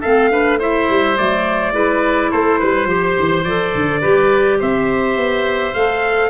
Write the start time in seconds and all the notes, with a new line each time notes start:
0.00 A3 C4 A4 F5
0.30 D4 B4
0.59 E4 C5 E5
0.89 G3
1.16 F#3 A3 D5
1.72 G#3 E4 B4
2.31 A3 A4 C5
2.59 G3 B4
2.85 F3 G4 C5
3.19 E3
3.44 F3 A4 D5
3.75 D3
4.00 G3 G4 B4
4.59 C4 C5 E5
5.16 B3
5.74 A3 A4 F5